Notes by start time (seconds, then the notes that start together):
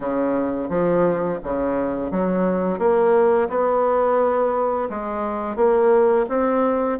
0.00 C#3
0.69 F3
1.43 C#3
2.11 F#3
2.78 A#3
3.49 B3
4.89 G#3
5.56 A#3
6.29 C4